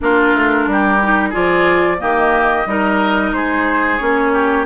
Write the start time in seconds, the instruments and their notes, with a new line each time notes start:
0.01 bassoon A#3, clarinet D4, oboe F4, flute A#4
0.33 bassoon A3
0.66 bassoon G3, oboe G4
1.01 clarinet D#4
1.29 bassoon F3, clarinet F4, oboe G#4, flute D5
1.98 bassoon D#3, clarinet A#3, oboe G4, flute D#5
2.65 bassoon G3, clarinet D#4, oboe A#4
3.32 bassoon G#3, oboe G#4, flute C5
3.97 bassoon A#3, clarinet C#4, flute C#5
4.32 oboe G4